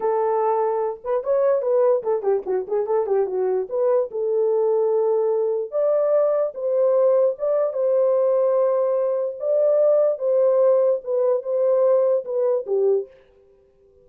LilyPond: \new Staff \with { instrumentName = "horn" } { \time 4/4 \tempo 4 = 147 a'2~ a'8 b'8 cis''4 | b'4 a'8 g'8 fis'8 gis'8 a'8 g'8 | fis'4 b'4 a'2~ | a'2 d''2 |
c''2 d''4 c''4~ | c''2. d''4~ | d''4 c''2 b'4 | c''2 b'4 g'4 | }